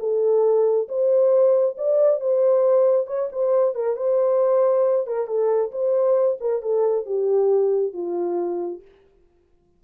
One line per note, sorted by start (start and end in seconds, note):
0.00 0.88 A4
0.88 1.77 C5
1.78 2.21 D5
2.21 3.07 C5
3.07 3.29 C#5
3.32 3.75 C5
3.75 3.97 A#4
3.97 5.07 C5
5.07 5.27 A#4
5.27 5.71 A4
5.72 6.38 C5
6.41 6.62 A#4
6.62 7.06 A4
7.06 7.93 G4
7.93 8.82 F4